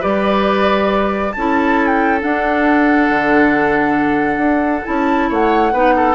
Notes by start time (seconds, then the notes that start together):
0.00 G3 G4 B4 D5
1.32 C#4 E4 A4 A5
1.86 G5
2.20 D4 F#5
3.09 D3
4.37 D4
4.84 C#4 E4 A5
5.29 A3 C#5 F#5
5.72 B3 D#4 B4
5.96 A4